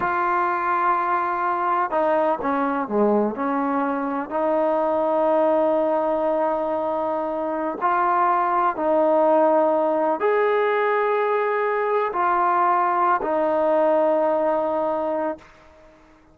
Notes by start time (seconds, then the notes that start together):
0.00 F4
1.90 D#4
2.41 C#4
2.88 G#3
3.35 C#4
4.30 D#4
7.81 F4
8.76 D#4
10.20 G#4
12.12 F4
13.22 D#4